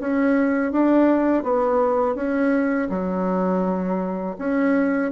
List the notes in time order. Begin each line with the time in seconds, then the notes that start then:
0.00 C#4
0.72 D4
1.43 B3
2.16 C#4
2.90 F#3
4.39 C#4